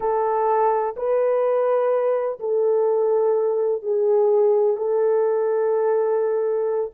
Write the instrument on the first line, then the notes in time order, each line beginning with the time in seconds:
horn
0.00 A4
0.96 B4
2.39 A4
3.82 G#4
4.77 A4